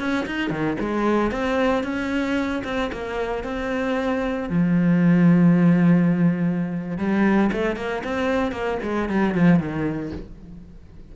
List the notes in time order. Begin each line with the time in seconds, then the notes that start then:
0.00 C#4
0.27 D#4
0.51 D#3
0.80 G#3
1.32 C4
1.84 C#4
2.65 C4
2.93 A#3
3.44 C4
4.50 F3
6.98 G3
7.53 A3
7.77 A#3
8.04 C4
8.52 A#3
8.83 G#3
9.10 G3
9.35 F3
9.60 D#3